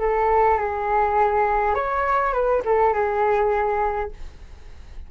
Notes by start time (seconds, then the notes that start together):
0.00 A4
0.59 G#4
1.75 C#5
2.33 B4
2.66 A4
2.94 G#4